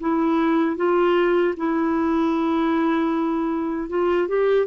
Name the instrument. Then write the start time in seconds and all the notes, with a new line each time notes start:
clarinet
0.00 E4
0.77 F4
1.57 E4
3.89 F4
4.28 G4